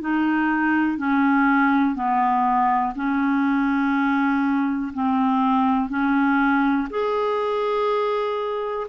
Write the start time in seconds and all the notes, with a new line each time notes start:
0.00 D#4
0.97 C#4
1.94 B3
2.95 C#4
4.93 C4
5.89 C#4
6.90 G#4